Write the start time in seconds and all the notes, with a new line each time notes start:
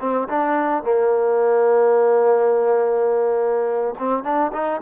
0.00 C4
0.29 D4
0.84 A#3
3.99 C4
4.23 D4
4.53 D#4